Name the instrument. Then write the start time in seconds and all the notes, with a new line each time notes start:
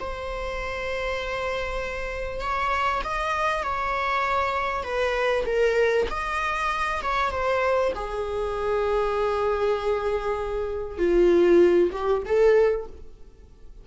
viola
0.00 C5
2.41 C#5
3.04 D#5
3.63 C#5
4.84 B4
5.46 A#4
6.10 D#5
7.02 C#5
7.31 C5
7.95 G#4
10.98 F4
11.92 G4
12.26 A4